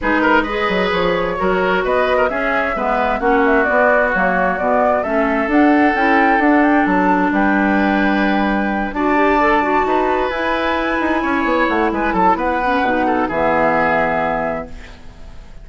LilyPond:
<<
  \new Staff \with { instrumentName = "flute" } { \time 4/4 \tempo 4 = 131 b'4 dis''4 cis''2 | dis''4 e''2 fis''8 e''8 | d''4 cis''4 d''4 e''4 | fis''4 g''4 fis''8 g''8 a''4 |
g''2.~ g''8 a''8~ | a''2~ a''8 gis''4.~ | gis''4. fis''8 gis''8 a''8 fis''4~ | fis''4 e''2. | }
  \new Staff \with { instrumentName = "oboe" } { \time 4/4 gis'8 ais'8 b'2 ais'4 | b'8. ais'16 gis'4 b'4 fis'4~ | fis'2. a'4~ | a'1 |
b'2.~ b'8 d''8~ | d''4. b'2~ b'8~ | b'8 cis''4. b'8 a'8 b'4~ | b'8 a'8 gis'2. | }
  \new Staff \with { instrumentName = "clarinet" } { \time 4/4 dis'4 gis'2 fis'4~ | fis'4 cis'4 b4 cis'4 | b4 ais4 b4 cis'4 | d'4 e'4 d'2~ |
d'2.~ d'8 fis'8 | g'8 a'8 fis'4. e'4.~ | e'2.~ e'8 cis'8 | dis'4 b2. | }
  \new Staff \with { instrumentName = "bassoon" } { \time 4/4 gis4. fis8 f4 fis4 | b4 cis'4 gis4 ais4 | b4 fis4 b,4 a4 | d'4 cis'4 d'4 fis4 |
g2.~ g8 d'8~ | d'4. dis'4 e'4. | dis'8 cis'8 b8 a8 gis8 fis8 b4 | b,4 e2. | }
>>